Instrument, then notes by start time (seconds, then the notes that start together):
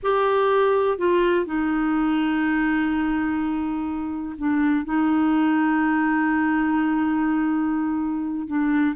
clarinet
0.02 G4
0.98 F4
1.45 D#4
4.38 D4
4.85 D#4
8.47 D4